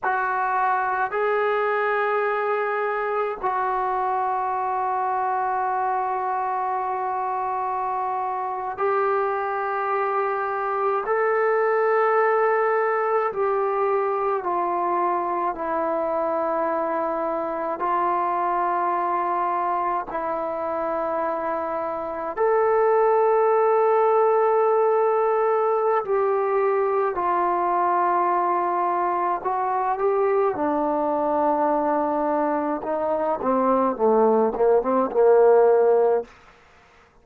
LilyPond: \new Staff \with { instrumentName = "trombone" } { \time 4/4 \tempo 4 = 53 fis'4 gis'2 fis'4~ | fis'2.~ fis'8. g'16~ | g'4.~ g'16 a'2 g'16~ | g'8. f'4 e'2 f'16~ |
f'4.~ f'16 e'2 a'16~ | a'2. g'4 | f'2 fis'8 g'8 d'4~ | d'4 dis'8 c'8 a8 ais16 c'16 ais4 | }